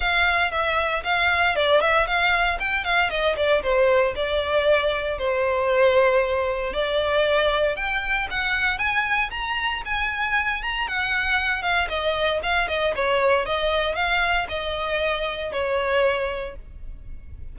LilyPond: \new Staff \with { instrumentName = "violin" } { \time 4/4 \tempo 4 = 116 f''4 e''4 f''4 d''8 e''8 | f''4 g''8 f''8 dis''8 d''8 c''4 | d''2 c''2~ | c''4 d''2 g''4 |
fis''4 gis''4 ais''4 gis''4~ | gis''8 ais''8 fis''4. f''8 dis''4 | f''8 dis''8 cis''4 dis''4 f''4 | dis''2 cis''2 | }